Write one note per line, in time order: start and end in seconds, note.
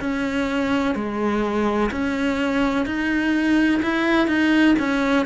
0.00 0.95 C#4
0.95 1.90 G#3
1.91 2.86 C#4
2.86 3.81 D#4
3.82 4.27 E4
4.27 4.74 D#4
4.79 5.26 C#4